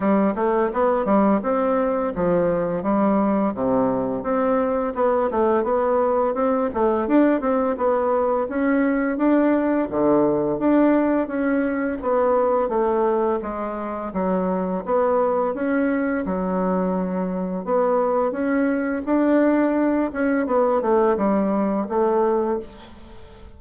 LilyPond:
\new Staff \with { instrumentName = "bassoon" } { \time 4/4 \tempo 4 = 85 g8 a8 b8 g8 c'4 f4 | g4 c4 c'4 b8 a8 | b4 c'8 a8 d'8 c'8 b4 | cis'4 d'4 d4 d'4 |
cis'4 b4 a4 gis4 | fis4 b4 cis'4 fis4~ | fis4 b4 cis'4 d'4~ | d'8 cis'8 b8 a8 g4 a4 | }